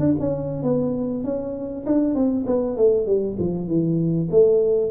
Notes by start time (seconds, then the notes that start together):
0.00 D4
0.20 C#4
0.63 B3
1.24 C#4
1.86 D4
2.15 C4
2.47 B3
2.77 A3
3.07 G3
3.39 F3
3.68 E3
4.31 A3